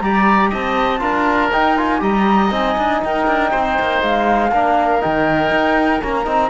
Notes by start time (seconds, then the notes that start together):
0.00 G3 G4 D5 A#5
0.50 C4 D#5 A5
0.99 D4 F4 A#4
1.52 D#4 G5
1.77 F4 G#5
1.99 G3 G4 D#5 A#5
2.50 C4 D#4 G#5
2.78 D4
3.04 D#4 A#4 G5
3.27 D4
3.51 C4 C5
3.80 A#3
4.02 G#3 F5
4.52 A#3 D4 A#4
5.01 D#3 D#4 G5
5.51 D#4
6.03 A#3 C#4 A#5
6.25 C4 D#4